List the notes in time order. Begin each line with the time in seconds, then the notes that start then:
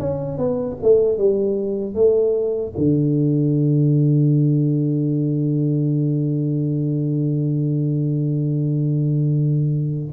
0.00 C#4
0.38 B3
0.83 A3
1.18 G3
1.95 A3
2.78 D3